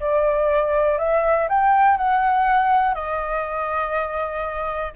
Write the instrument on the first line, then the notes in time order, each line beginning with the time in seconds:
flute
0.00 D5
0.98 E5
1.49 G5
1.97 F#5
2.94 D#5